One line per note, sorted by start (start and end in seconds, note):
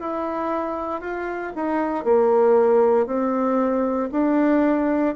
0.00 1.01 E4
1.01 1.53 F4
1.56 2.05 D#4
2.05 3.07 A#3
3.07 4.10 C4
4.12 5.15 D4